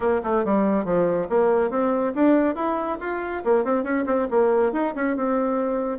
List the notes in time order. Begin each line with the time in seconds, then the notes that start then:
0.00 A#3
0.23 A3
0.45 G3
0.85 F3
1.29 A#3
1.70 C4
2.14 D4
2.55 E4
2.99 F4
3.44 A#3
3.64 C4
3.83 C#4
4.06 C4
4.30 A#3
4.72 D#4
4.95 C#4
5.16 C4